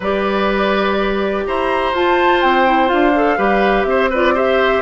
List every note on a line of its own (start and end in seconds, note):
0.00 1.45 G3
0.00 1.95 G4
0.00 1.44 B4
0.00 1.46 D5
1.46 1.92 E4
1.46 3.37 C5
1.46 1.94 A#5
1.92 2.40 F4
1.92 2.66 F4
1.92 2.41 A5
2.41 2.91 C4
2.41 2.88 G5
2.66 2.87 E4
2.87 3.38 D4
2.87 3.11 F4
2.87 3.83 F5
3.15 3.38 A4
3.37 3.84 G3
3.37 4.10 G4
3.37 3.85 B4
3.83 4.81 C4
3.83 4.07 E5
3.89 4.10 C5
4.10 4.35 F4
4.10 4.34 B4
4.10 4.37 D5
4.34 4.82 G4
4.34 4.82 C5
4.34 4.82 E5